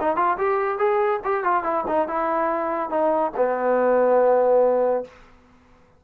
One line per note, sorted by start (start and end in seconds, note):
0.00 0.16 D#4
0.16 0.37 F4
0.38 0.78 G4
0.78 1.20 G#4
1.24 1.43 G4
1.43 1.63 F4
1.63 1.84 E4
1.87 2.08 D#4
2.08 2.89 E4
2.89 3.31 D#4
3.36 5.04 B3